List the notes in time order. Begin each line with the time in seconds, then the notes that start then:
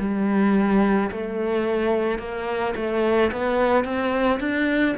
0.00 G3
1.12 A3
2.19 A#3
2.76 A3
3.32 B3
3.85 C4
4.40 D4